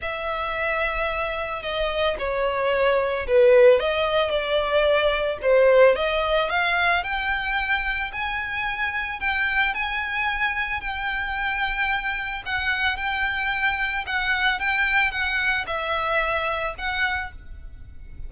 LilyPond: \new Staff \with { instrumentName = "violin" } { \time 4/4 \tempo 4 = 111 e''2. dis''4 | cis''2 b'4 dis''4 | d''2 c''4 dis''4 | f''4 g''2 gis''4~ |
gis''4 g''4 gis''2 | g''2. fis''4 | g''2 fis''4 g''4 | fis''4 e''2 fis''4 | }